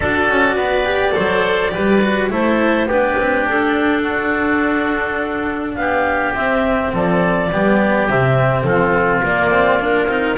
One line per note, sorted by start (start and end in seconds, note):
0.00 0.28 D4
0.00 0.84 F#4
0.00 0.55 A4
0.00 2.29 D5
0.28 0.55 C#4
0.55 1.13 B3
0.55 1.13 B4
0.84 1.11 G4
1.11 1.75 F#3
1.11 1.69 A4
1.11 1.72 C5
1.70 2.29 G3
1.70 1.99 G4
1.70 2.31 B4
2.01 2.30 F#4
2.29 2.86 A3
2.29 2.87 E4
2.29 2.87 A4
2.29 2.89 C5
2.86 3.15 B3
2.86 6.34 D4
2.86 4.02 G4
2.86 3.47 B4
3.17 3.45 C4
3.45 5.76 D4
3.45 5.75 A4
4.02 5.75 F#4
5.75 6.34 B3
5.75 6.93 G4
5.75 6.32 F5
6.34 7.50 C4
6.34 6.92 C4
6.34 6.92 E5
6.93 7.51 F3
6.93 7.50 A4
6.93 8.10 D5
7.51 8.09 G3
7.51 8.09 B3
7.51 8.65 G4
8.09 8.63 C3
8.09 9.25 C4
8.09 8.62 E5
8.62 9.21 F3
8.62 10.37 F4
8.62 9.20 A4
9.22 10.06 A#3
9.22 9.50 A#3
9.22 9.81 D5
9.50 9.79 C4
9.79 10.08 D4
9.79 10.37 A#4
10.06 10.34 C4
10.06 10.37 D#4